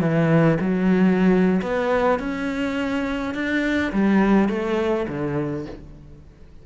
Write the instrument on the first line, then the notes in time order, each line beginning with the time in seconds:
cello
0.00 E3
0.60 F#3
1.62 B3
2.19 C#4
3.34 D4
3.92 G3
4.49 A3
5.08 D3